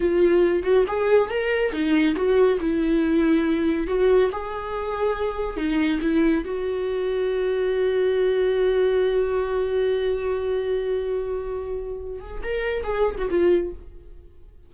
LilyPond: \new Staff \with { instrumentName = "viola" } { \time 4/4 \tempo 4 = 140 f'4. fis'8 gis'4 ais'4 | dis'4 fis'4 e'2~ | e'4 fis'4 gis'2~ | gis'4 dis'4 e'4 fis'4~ |
fis'1~ | fis'1~ | fis'1~ | fis'8 gis'8 ais'4 gis'8. fis'16 f'4 | }